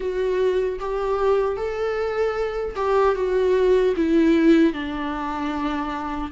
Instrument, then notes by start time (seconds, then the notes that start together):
viola
0.00 F#4
0.79 G4
1.56 A4
2.75 G4
3.15 F#4
3.96 E4
4.73 D4